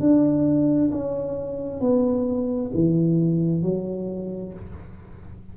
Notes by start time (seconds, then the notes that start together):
0.00 D4
0.92 C#4
1.81 B3
2.74 E3
3.62 F#3